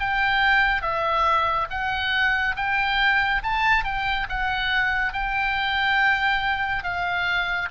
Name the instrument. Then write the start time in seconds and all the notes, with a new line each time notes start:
oboe
0.00 G5
0.82 E5
1.71 F#5
2.57 G5
3.44 A5
3.85 G5
4.29 F#5
5.14 G5
6.84 F5